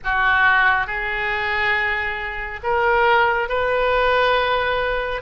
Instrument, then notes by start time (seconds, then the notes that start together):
oboe
0.04 F#4
0.86 G#4
2.63 A#4
3.48 B4